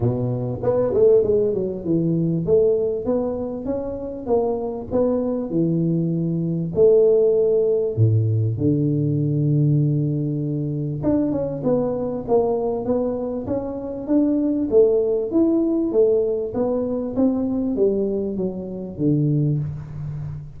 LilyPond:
\new Staff \with { instrumentName = "tuba" } { \time 4/4 \tempo 4 = 98 b,4 b8 a8 gis8 fis8 e4 | a4 b4 cis'4 ais4 | b4 e2 a4~ | a4 a,4 d2~ |
d2 d'8 cis'8 b4 | ais4 b4 cis'4 d'4 | a4 e'4 a4 b4 | c'4 g4 fis4 d4 | }